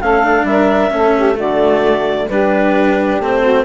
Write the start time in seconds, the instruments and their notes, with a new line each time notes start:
0.00 bassoon A3, cello C#4, saxophone A4, clarinet F5
0.23 cello D4
0.43 bassoon G3, saxophone A#4, clarinet E5
0.90 bassoon A3, cello C#4, saxophone A4
1.16 saxophone G4
1.35 bassoon D3, cello A3, saxophone F#4, clarinet D5
2.29 bassoon G3, cello D4, saxophone G4, clarinet B4
3.19 bassoon A3, cello C4, clarinet C5
3.41 saxophone F#4